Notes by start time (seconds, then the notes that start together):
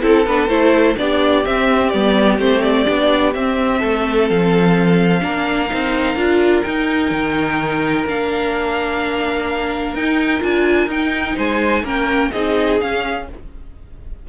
0.00 C4 E4 A4
0.26 B3 D4 B4
0.48 A3 E4 C5
0.96 B3 D4 G4 D5
1.44 C4 E5
1.89 G3 B3 D5
2.38 A3 C4 C5
2.62 D5
2.85 B3 D4
3.33 C4 E5
3.79 A3 A4
4.29 F3 F5
5.20 A#3 D4 A#4
5.69 C4 D#4
6.15 D4 F4
6.62 D#4 G5
7.10 D#3
8.05 A#3 D4 F5
9.94 D#4 G5
10.40 D4 F4 G#5
10.86 D#4 G5
11.36 G#3 C5 G#5
11.82 A#3 C#4 A#4 G5
12.31 C4 D#4 G#4 D#5
12.80 C#4 F5